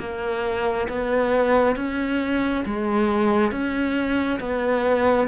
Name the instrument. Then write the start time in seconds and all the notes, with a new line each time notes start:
cello
0.00 A#3
0.89 B3
1.76 C#4
2.66 G#3
3.52 C#4
4.40 B3